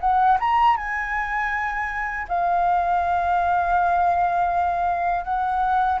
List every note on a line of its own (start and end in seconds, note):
0.00 0.38 F#5
0.40 0.77 A#5
0.77 2.27 G#5
2.28 5.24 F5
5.24 5.99 F#5